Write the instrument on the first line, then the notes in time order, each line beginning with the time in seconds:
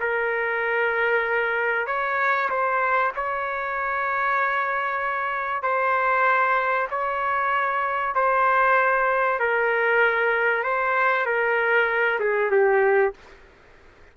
trumpet
0.00 A#4
1.86 C#5
2.49 C5
3.15 C#5
5.62 C5
6.90 C#5
8.15 C5
9.39 A#4
10.63 C5
11.25 A#4
12.19 G#4
12.51 G4